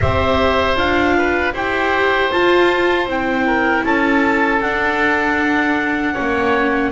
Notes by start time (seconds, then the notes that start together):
0.00 C4 G4 C5 E5
0.75 D4 F4 F5
1.17 B4
1.53 E4 G4 C5 G5
2.31 F4 A5
3.05 C4 E4 G5
3.46 A#4
3.84 C#4 A4 A5
4.61 D4 F#5
6.13 C#4 C#5
6.19 A#3